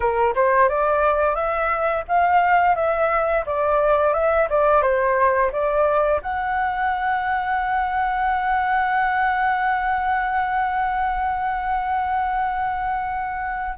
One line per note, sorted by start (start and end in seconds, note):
0.00 0.34 A#4
0.35 0.69 C5
0.69 1.34 D5
1.34 2.03 E5
2.08 2.75 F5
2.75 3.44 E5
3.45 4.13 D5
4.13 4.48 E5
4.49 4.82 D5
4.82 5.50 C5
5.52 6.21 D5
6.22 13.77 F#5